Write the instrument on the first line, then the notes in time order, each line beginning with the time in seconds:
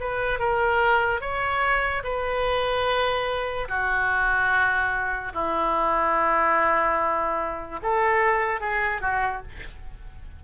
oboe
0.00 B4
0.40 A#4
1.21 C#5
2.04 B4
3.69 F#4
5.34 E4
7.83 A4
8.61 G#4
9.01 F#4